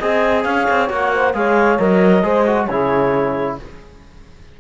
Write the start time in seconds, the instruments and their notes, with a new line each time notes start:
0.00 cello C4, trombone G#4, saxophone D#5, clarinet G#5
0.44 cello C#4, saxophone C#5, clarinet F5
0.71 cello C4
0.89 cello A#3, trombone F#4, clarinet F#5
1.13 saxophone C5
1.34 cello G#3, trombone G#4, saxophone C#5, clarinet F5
1.79 cello F#3, trombone A#4, clarinet D#5
2.24 cello G#3, trombone G#4, saxophone C5
2.47 trombone F#4
2.66 cello C#3, trombone E4, saxophone G#4, clarinet C#5